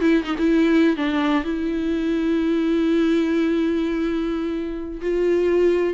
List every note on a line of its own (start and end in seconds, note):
0.00 0.23 E4
0.23 0.35 D#4
0.38 0.96 E4
0.96 1.44 D4
1.44 5.01 E4
5.01 5.94 F4